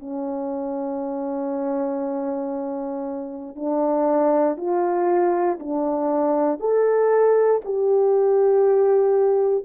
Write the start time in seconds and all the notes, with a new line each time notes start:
0.00 C#4
3.56 D4
4.57 F4
5.60 D4
6.60 A4
7.65 G4